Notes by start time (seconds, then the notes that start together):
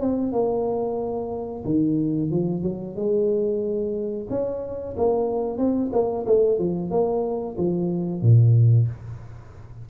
0.00 C4
0.32 A#3
1.64 D#3
2.30 F3
2.63 F#3
2.95 G#3
4.29 C#4
4.97 A#3
5.57 C4
5.92 A#3
6.26 A3
6.58 F3
6.90 A#3
7.57 F3
8.21 A#2